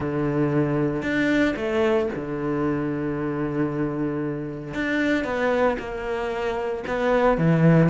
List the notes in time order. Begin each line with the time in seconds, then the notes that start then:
0.00 D3
1.02 D4
1.56 A3
2.15 D3
4.74 D4
5.24 B3
5.78 A#3
6.87 B3
7.37 E3